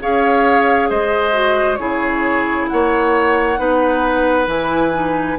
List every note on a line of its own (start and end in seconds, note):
0.00 0.90 C#4
0.00 1.32 G#4
0.00 0.89 C#5
0.00 0.90 F5
0.89 1.79 G#3
0.89 1.79 C5
0.89 1.75 D#5
1.32 1.77 F#4
1.75 2.69 C#3
1.75 3.57 E4
1.75 2.69 G#4
1.75 2.65 C#5
2.68 3.58 A#3
2.68 3.60 C#5
2.68 4.47 F#5
3.57 4.47 B3
3.57 4.46 D#4
3.57 5.39 B4
4.46 5.37 E3
4.46 4.91 E4
4.46 5.39 G#5
4.93 5.38 D#4